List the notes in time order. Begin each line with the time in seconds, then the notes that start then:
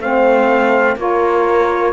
0.00 A3 C4 C5 F5
0.96 A#3 F4 A#4 C#5